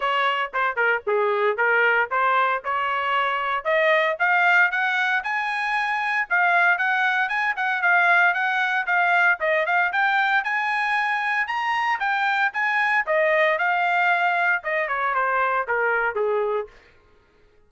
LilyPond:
\new Staff \with { instrumentName = "trumpet" } { \time 4/4 \tempo 4 = 115 cis''4 c''8 ais'8 gis'4 ais'4 | c''4 cis''2 dis''4 | f''4 fis''4 gis''2 | f''4 fis''4 gis''8 fis''8 f''4 |
fis''4 f''4 dis''8 f''8 g''4 | gis''2 ais''4 g''4 | gis''4 dis''4 f''2 | dis''8 cis''8 c''4 ais'4 gis'4 | }